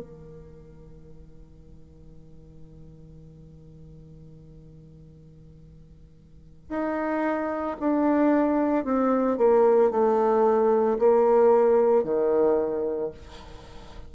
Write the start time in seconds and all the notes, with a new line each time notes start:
0.00 D#3
6.69 D#4
7.80 D4
8.84 C4
9.38 A#3
9.91 A3
10.99 A#3
12.03 D#3